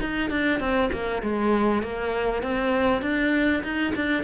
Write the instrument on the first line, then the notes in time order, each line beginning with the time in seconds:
cello
0.00 D#4
0.30 D4
0.60 C4
0.92 A#3
1.22 G#3
1.82 A#3
2.42 C4
3.02 D4
3.63 D#4
3.95 D4